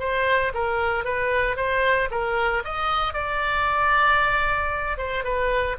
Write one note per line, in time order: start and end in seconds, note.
0.00 0.53 C5
0.54 1.05 A#4
1.05 1.57 B4
1.57 2.09 C5
2.11 2.64 A#4
2.65 3.14 D#5
3.14 4.98 D5
4.98 5.24 C5
5.24 5.77 B4